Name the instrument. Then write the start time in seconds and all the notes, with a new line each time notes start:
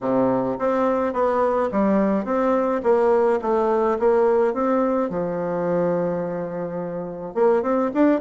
bassoon
0.00 C3
0.58 C4
1.13 B3
1.71 G3
2.24 C4
2.83 A#3
3.41 A3
3.99 A#3
4.53 C4
5.09 F3
7.34 A#3
7.62 C4
7.94 D4